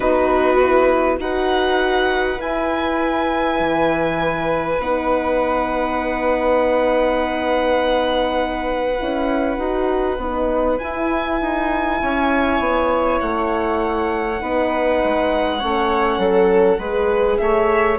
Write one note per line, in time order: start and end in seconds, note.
0.00 1.18 B3
0.00 0.58 D#4
0.00 1.19 F#4
0.00 1.16 B4
0.62 1.19 E4
1.18 2.38 D#4
1.18 2.37 F#4
1.18 12.01 B4
1.18 2.40 F#5
2.37 4.77 E4
2.37 3.59 E4
2.37 4.80 G#5
3.59 4.78 E3
4.78 8.98 B3
4.78 8.98 D#4
4.78 10.78 F#5
8.98 9.58 C#4
8.98 9.58 E4
9.58 10.17 D#4
9.58 10.18 F#4
10.17 10.77 B3
10.17 10.79 D#4
10.78 14.39 E4
10.78 11.41 E4
10.78 13.18 G#5
11.41 12.01 D#4
12.02 12.59 C#4
12.02 14.41 C#5
12.59 13.19 B3
13.20 14.41 A3
13.20 17.37 F#5
14.39 15.01 B3
14.39 15.59 D#4
14.39 15.59 B4
15.04 15.62 G#3
15.59 16.18 A3
15.59 16.79 C#4
15.59 16.18 C#5
16.18 16.78 F#3
16.18 16.78 A4
16.78 17.38 G#3
16.78 17.98 G#4
16.78 17.38 B4
17.37 17.98 A3
17.37 17.98 C#5
17.37 17.97 E5